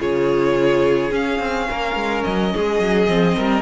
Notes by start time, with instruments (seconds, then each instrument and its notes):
0.00 cello C#3, viola F4, violin G#4 C#5
1.11 cello C#4, viola C#4, violin F5
1.39 cello C4
1.70 cello A#3, violin A#4
1.95 cello G#3
2.24 cello F#3, violin D#5
2.54 cello G#3, violin G#4
2.80 cello F#3
3.08 cello F3, viola C4
3.37 cello G3, violin A#4